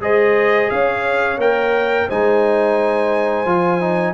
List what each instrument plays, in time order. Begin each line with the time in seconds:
0.00 tuba G#3, trombone G#4, horn C5, trumpet D#5
0.70 tuba C#4, horn C#5, trumpet F5
1.37 tuba A#3, trombone A#4, trumpet G5
2.08 tuba G#3, trombone D#4, horn C5, trumpet G#5
3.45 tuba F3, trombone F4
3.80 trombone D#4